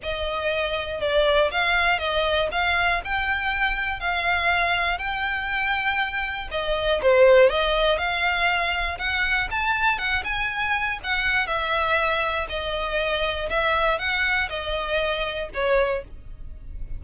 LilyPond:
\new Staff \with { instrumentName = "violin" } { \time 4/4 \tempo 4 = 120 dis''2 d''4 f''4 | dis''4 f''4 g''2 | f''2 g''2~ | g''4 dis''4 c''4 dis''4 |
f''2 fis''4 a''4 | fis''8 gis''4. fis''4 e''4~ | e''4 dis''2 e''4 | fis''4 dis''2 cis''4 | }